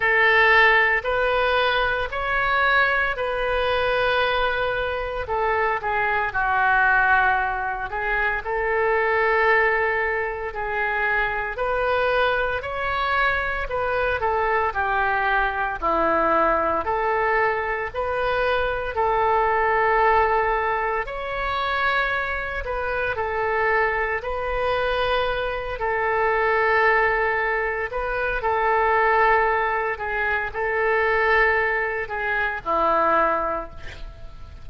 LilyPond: \new Staff \with { instrumentName = "oboe" } { \time 4/4 \tempo 4 = 57 a'4 b'4 cis''4 b'4~ | b'4 a'8 gis'8 fis'4. gis'8 | a'2 gis'4 b'4 | cis''4 b'8 a'8 g'4 e'4 |
a'4 b'4 a'2 | cis''4. b'8 a'4 b'4~ | b'8 a'2 b'8 a'4~ | a'8 gis'8 a'4. gis'8 e'4 | }